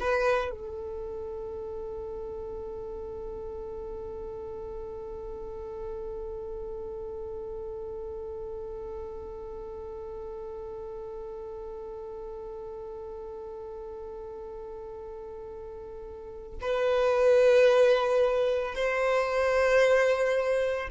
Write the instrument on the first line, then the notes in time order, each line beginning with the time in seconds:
violin
0.00 B4
0.51 A4
16.61 B4
18.75 C5